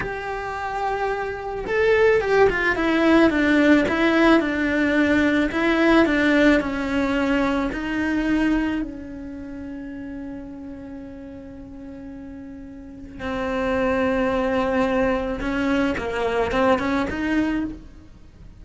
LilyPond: \new Staff \with { instrumentName = "cello" } { \time 4/4 \tempo 4 = 109 g'2. a'4 | g'8 f'8 e'4 d'4 e'4 | d'2 e'4 d'4 | cis'2 dis'2 |
cis'1~ | cis'1 | c'1 | cis'4 ais4 c'8 cis'8 dis'4 | }